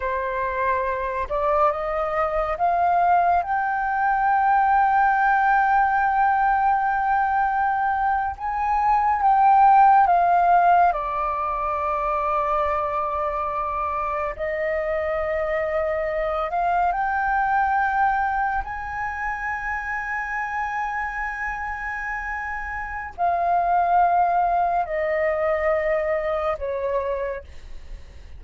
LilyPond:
\new Staff \with { instrumentName = "flute" } { \time 4/4 \tempo 4 = 70 c''4. d''8 dis''4 f''4 | g''1~ | g''4.~ g''16 gis''4 g''4 f''16~ | f''8. d''2.~ d''16~ |
d''8. dis''2~ dis''8 f''8 g''16~ | g''4.~ g''16 gis''2~ gis''16~ | gis''2. f''4~ | f''4 dis''2 cis''4 | }